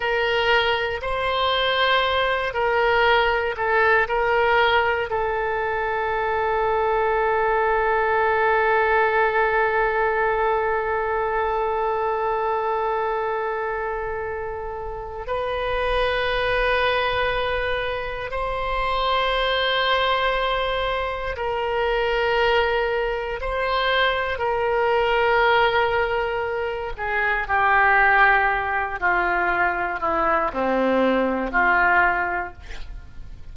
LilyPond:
\new Staff \with { instrumentName = "oboe" } { \time 4/4 \tempo 4 = 59 ais'4 c''4. ais'4 a'8 | ais'4 a'2.~ | a'1~ | a'2. b'4~ |
b'2 c''2~ | c''4 ais'2 c''4 | ais'2~ ais'8 gis'8 g'4~ | g'8 f'4 e'8 c'4 f'4 | }